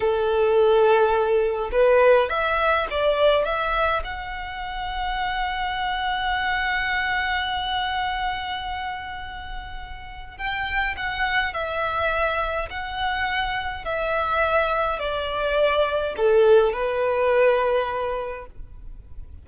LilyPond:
\new Staff \with { instrumentName = "violin" } { \time 4/4 \tempo 4 = 104 a'2. b'4 | e''4 d''4 e''4 fis''4~ | fis''1~ | fis''1~ |
fis''2 g''4 fis''4 | e''2 fis''2 | e''2 d''2 | a'4 b'2. | }